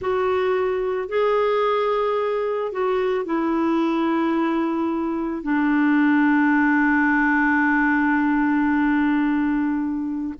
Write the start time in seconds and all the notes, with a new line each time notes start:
0.00 F#4
1.08 G#4
2.72 F#4
3.25 E4
5.42 D4